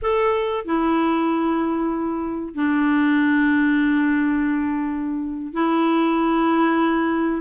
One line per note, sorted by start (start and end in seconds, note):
0.02 0.65 A4
0.65 2.54 E4
2.54 5.53 D4
5.53 7.41 E4